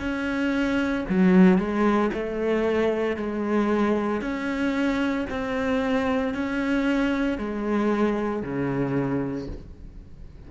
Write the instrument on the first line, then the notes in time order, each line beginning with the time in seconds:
cello
0.00 C#4
1.10 F#3
1.58 G#3
2.14 A3
3.17 G#3
4.22 C#4
5.30 C4
6.34 C#4
7.38 G#3
8.43 C#3